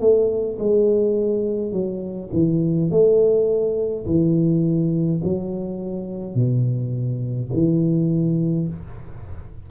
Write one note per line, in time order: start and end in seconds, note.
0.00 0.58 A3
0.59 1.72 G#3
1.72 2.30 F#3
2.33 2.91 E3
2.91 4.06 A3
4.06 5.21 E3
5.24 6.35 F#3
6.35 7.51 B2
7.53 8.69 E3